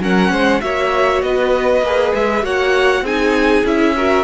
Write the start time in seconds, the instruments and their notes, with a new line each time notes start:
0.00 cello F#3, viola C#4, violin A#4 F#5
0.31 cello G#3, violin C5
0.62 cello A#3, viola F#4, violin C#5 E5
1.22 cello B3, violin B4 D#5
1.82 cello A#3, viola G#4
2.15 cello G#3, violin E5
2.42 cello A#3, viola F#4, violin C#5 F#5
3.02 cello C4, viola D#4, violin G#4 G#5
3.65 cello C#4, viola E4, violin E5
3.97 viola F#4, violin A#4